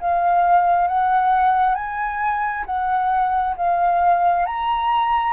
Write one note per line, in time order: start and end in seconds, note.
0.00 0.88 F5
0.88 1.75 F#5
1.75 2.64 G#5
2.66 3.55 F#5
3.56 4.46 F5
4.46 5.33 A#5